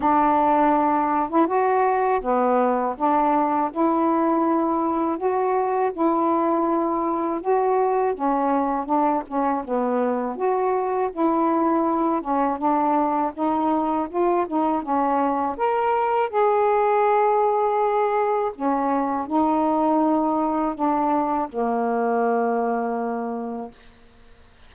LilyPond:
\new Staff \with { instrumentName = "saxophone" } { \time 4/4 \tempo 4 = 81 d'4.~ d'16 e'16 fis'4 b4 | d'4 e'2 fis'4 | e'2 fis'4 cis'4 | d'8 cis'8 b4 fis'4 e'4~ |
e'8 cis'8 d'4 dis'4 f'8 dis'8 | cis'4 ais'4 gis'2~ | gis'4 cis'4 dis'2 | d'4 ais2. | }